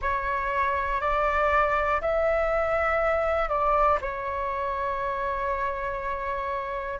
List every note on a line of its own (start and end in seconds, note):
0.01 1.00 C#5
1.00 2.00 D5
2.01 3.49 E5
3.49 3.99 D5
4.00 7.00 C#5